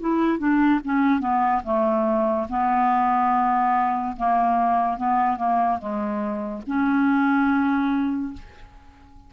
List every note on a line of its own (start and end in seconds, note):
0.00 0.39 E4
0.39 0.81 D4
0.85 1.20 C#4
1.20 1.62 B3
1.64 2.47 A3
2.50 4.16 B3
4.17 4.98 A#3
4.98 5.37 B3
5.37 5.79 A#3
5.79 6.62 G#3
6.67 8.34 C#4